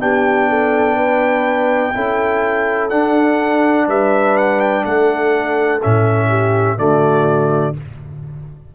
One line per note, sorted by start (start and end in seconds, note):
0.00 1.94 B3
0.00 1.94 D4
0.00 0.49 G4
0.00 2.90 G5
0.49 0.96 A4
0.96 1.93 B4
1.95 2.92 C#4
1.95 2.91 E4
1.95 3.88 A4
2.90 5.81 D4
2.90 3.88 D4
2.90 3.87 F#5
3.88 4.84 G3
3.88 4.85 B4
3.88 4.38 E5
4.38 4.60 F#5
4.60 4.85 G5
4.85 5.82 A3
4.85 6.29 A4
4.85 5.82 F#5
5.83 6.78 A2
5.83 6.78 C#4
5.83 6.79 E5
6.29 6.77 G4
6.78 7.75 D3
6.78 7.75 A3
6.78 7.76 F#4
6.78 7.76 D5